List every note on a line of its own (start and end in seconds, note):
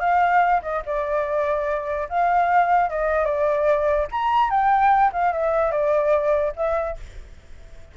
0.00 0.61 F5
0.62 0.82 D#5
0.86 2.08 D5
2.09 2.90 F5
2.90 3.25 D#5
3.25 4.07 D5
4.12 4.50 A#5
4.50 5.12 G5
5.13 5.32 F5
5.32 5.71 E5
5.71 6.53 D5
6.56 6.97 E5